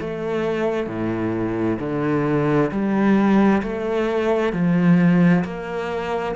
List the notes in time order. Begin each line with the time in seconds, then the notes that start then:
0.00 A3
0.87 A2
1.80 D3
2.71 G3
3.62 A3
4.53 F3
5.44 A#3